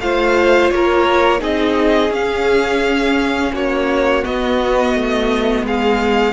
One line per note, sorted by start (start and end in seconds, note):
0.00 0.71 A3
0.00 1.39 F4
0.00 0.74 C5
0.00 0.70 F5
0.70 1.41 A#3
0.70 1.41 A#4
0.70 1.41 C#5
1.39 2.10 C4
1.39 2.10 D#4
1.39 3.52 G#4
1.39 2.13 D#5
2.10 3.51 C#4
2.10 4.24 C#4
2.10 3.54 F5
3.52 4.23 A#3
3.52 5.65 F#4
3.52 4.25 C#5
4.24 6.33 B3
4.24 4.95 B3
4.24 5.66 D#5
4.95 5.63 A3
5.63 6.33 G#3
5.63 6.33 G#4
5.63 6.33 F5